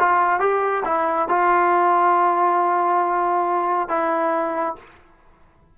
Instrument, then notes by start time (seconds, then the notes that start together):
trombone
0.00 F4
0.40 G4
0.85 E4
1.29 F4
3.89 E4